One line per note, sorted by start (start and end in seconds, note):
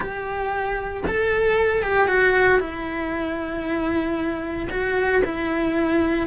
0.00 1.03 G4
1.07 1.82 A4
1.82 2.07 G4
2.07 2.59 F#4
2.59 4.68 E4
4.70 5.22 F#4
5.24 6.27 E4